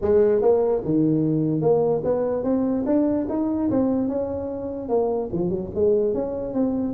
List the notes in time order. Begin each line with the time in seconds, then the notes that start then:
0.01 G#3
0.41 A#3
0.84 D#3
1.61 A#3
2.04 B3
2.43 C4
2.86 D4
3.29 D#4
3.70 C4
4.08 C#4
4.88 A#3
5.32 F3
5.49 F#3
5.75 G#3
6.13 C#4
6.53 C4